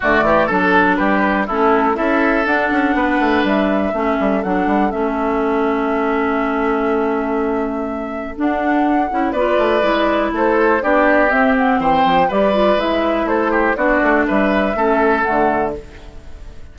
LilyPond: <<
  \new Staff \with { instrumentName = "flute" } { \time 4/4 \tempo 4 = 122 d''4 a'4 b'4 a'4 | e''4 fis''2 e''4~ | e''4 fis''4 e''2~ | e''1~ |
e''4 fis''2 d''4~ | d''4 c''4 d''4 e''8 fis''8 | g''4 d''4 e''4 c''4 | d''4 e''2 fis''4 | }
  \new Staff \with { instrumentName = "oboe" } { \time 4/4 fis'8 g'8 a'4 g'4 e'4 | a'2 b'2 | a'1~ | a'1~ |
a'2. b'4~ | b'4 a'4 g'2 | c''4 b'2 a'8 g'8 | fis'4 b'4 a'2 | }
  \new Staff \with { instrumentName = "clarinet" } { \time 4/4 a4 d'2 cis'4 | e'4 d'2. | cis'4 d'4 cis'2~ | cis'1~ |
cis'4 d'4. e'8 f'4 | e'2 d'4 c'4~ | c'4 g'8 f'8 e'2 | d'2 cis'4 a4 | }
  \new Staff \with { instrumentName = "bassoon" } { \time 4/4 d8 e8 fis4 g4 a4 | cis'4 d'8 cis'8 b8 a8 g4 | a8 g8 fis8 g8 a2~ | a1~ |
a4 d'4. cis'8 b8 a8 | gis4 a4 b4 c'4 | e8 f8 g4 gis4 a4 | b8 a8 g4 a4 d4 | }
>>